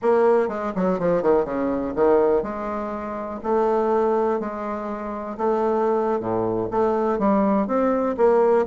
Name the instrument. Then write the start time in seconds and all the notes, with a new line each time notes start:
bassoon
0.01 A#3
0.48 G#3
0.75 F#3
0.99 F3
1.22 D#3
1.45 C#3
1.95 D#3
2.42 G#3
3.43 A3
4.39 G#3
5.37 A3
6.20 A2
6.70 A3
7.18 G3
7.67 C4
8.17 A#3